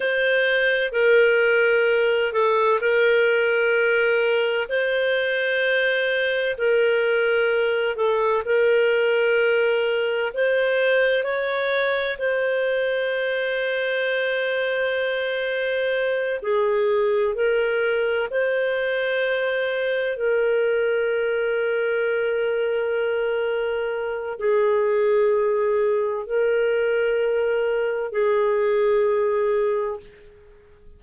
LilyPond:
\new Staff \with { instrumentName = "clarinet" } { \time 4/4 \tempo 4 = 64 c''4 ais'4. a'8 ais'4~ | ais'4 c''2 ais'4~ | ais'8 a'8 ais'2 c''4 | cis''4 c''2.~ |
c''4. gis'4 ais'4 c''8~ | c''4. ais'2~ ais'8~ | ais'2 gis'2 | ais'2 gis'2 | }